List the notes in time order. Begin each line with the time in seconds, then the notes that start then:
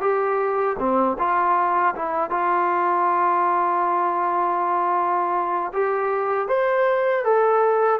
0.00 G4
0.79 C4
1.18 F4
1.95 E4
2.30 F4
5.73 G4
6.48 C5
7.24 A4